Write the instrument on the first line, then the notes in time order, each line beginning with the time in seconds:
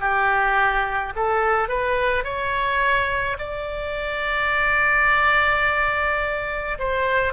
oboe
0.00 G4
1.16 A4
1.69 B4
2.24 C#5
3.39 D5
6.79 C5